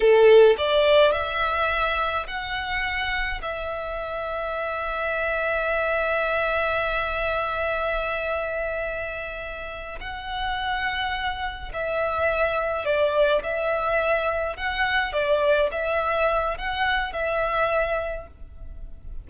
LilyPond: \new Staff \with { instrumentName = "violin" } { \time 4/4 \tempo 4 = 105 a'4 d''4 e''2 | fis''2 e''2~ | e''1~ | e''1~ |
e''4. fis''2~ fis''8~ | fis''8 e''2 d''4 e''8~ | e''4. fis''4 d''4 e''8~ | e''4 fis''4 e''2 | }